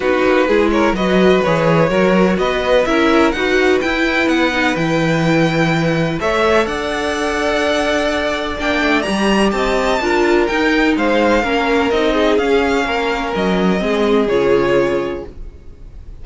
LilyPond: <<
  \new Staff \with { instrumentName = "violin" } { \time 4/4 \tempo 4 = 126 b'4. cis''8 dis''4 cis''4~ | cis''4 dis''4 e''4 fis''4 | g''4 fis''4 g''2~ | g''4 e''4 fis''2~ |
fis''2 g''4 ais''4 | a''2 g''4 f''4~ | f''4 dis''4 f''2 | dis''2 cis''2 | }
  \new Staff \with { instrumentName = "violin" } { \time 4/4 fis'4 gis'8 ais'8 b'2 | ais'4 b'4 ais'4 b'4~ | b'1~ | b'4 cis''4 d''2~ |
d''1 | dis''4 ais'2 c''4 | ais'4. gis'4. ais'4~ | ais'4 gis'2. | }
  \new Staff \with { instrumentName = "viola" } { \time 4/4 dis'4 e'4 fis'4 gis'4 | fis'2 e'4 fis'4 | e'4. dis'8 e'2~ | e'4 a'2.~ |
a'2 d'4 g'4~ | g'4 f'4 dis'2 | cis'4 dis'4 cis'2~ | cis'4 c'4 f'2 | }
  \new Staff \with { instrumentName = "cello" } { \time 4/4 b8 ais8 gis4 fis4 e4 | fis4 b4 cis'4 dis'4 | e'4 b4 e2~ | e4 a4 d'2~ |
d'2 ais8 a8 g4 | c'4 d'4 dis'4 gis4 | ais4 c'4 cis'4 ais4 | fis4 gis4 cis2 | }
>>